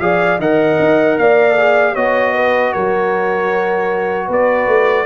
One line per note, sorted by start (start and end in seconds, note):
0.00 0.38 F3
0.00 0.39 G#4
0.00 0.39 D5
0.00 0.39 F5
0.38 0.77 D#3
0.38 1.57 A#4
0.38 1.17 D#5
0.38 1.18 F#5
0.79 1.18 D#4
1.18 1.96 A#3
1.18 1.93 D5
1.18 1.95 F5
1.57 1.95 G#4
1.93 2.74 B3
1.93 5.05 F#4
1.93 2.32 C#5
1.93 2.72 D#5
2.34 2.72 B4
2.72 4.28 F#3
2.72 4.26 A#4
2.72 4.28 C#5
4.26 4.67 B3
4.26 5.04 B4
4.26 5.05 D5
4.67 5.05 A3